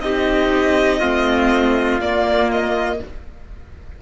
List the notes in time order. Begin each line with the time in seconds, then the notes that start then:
0.00 C4 D#4 G4 D#5
1.00 A3 C4 F4
1.99 A#3 D5
2.51 D#5